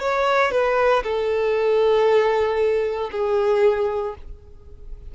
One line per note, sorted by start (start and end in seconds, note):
0.00 0.52 C#5
0.52 1.03 B4
1.03 3.10 A4
3.12 4.15 G#4